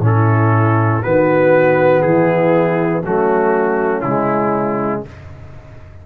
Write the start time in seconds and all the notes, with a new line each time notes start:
0.00 A2 C#4 E4
0.06 A4
1.03 D#3 B3 F#4 B4
2.02 E3 E4 G#4
3.04 F#3 A3 C#4 F#4
4.01 C#3 G#3 E4